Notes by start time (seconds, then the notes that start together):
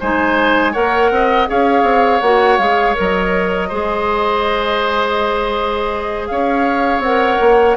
0.00 G#3 D#4 C5 G#5
0.73 A#3 A#4 C#5 F#5
1.11 C4 D#5
1.48 C#4 G#4 C#5 F5
1.83 C4
2.21 A#3 F#4 F#5
2.58 G#3 G#4 F5
2.95 F#3 A#4 D#5
3.69 G#3 G#4 C5
6.27 C#4 C#5 F5
6.99 C4 A#4 F#5
7.40 A#3